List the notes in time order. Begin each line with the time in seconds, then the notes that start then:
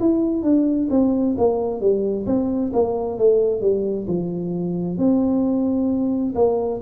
0.00 E4
0.43 D4
0.90 C4
1.38 A#3
1.81 G3
2.27 C4
2.74 A#3
3.19 A3
3.62 G3
4.08 F3
4.98 C4
6.36 A#3